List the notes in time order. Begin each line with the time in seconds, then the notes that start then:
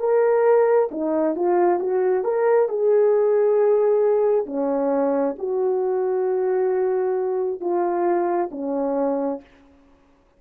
0.00 A#4
0.92 D#4
1.36 F4
1.80 F#4
2.24 A#4
2.69 G#4
4.46 C#4
5.39 F#4
7.60 F4
8.52 C#4